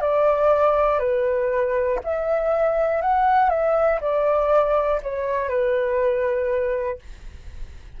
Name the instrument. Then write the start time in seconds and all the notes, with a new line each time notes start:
flute
0.00 D5
0.99 B4
2.04 E5
3.01 F#5
3.50 E5
4.00 D5
5.02 C#5
5.48 B4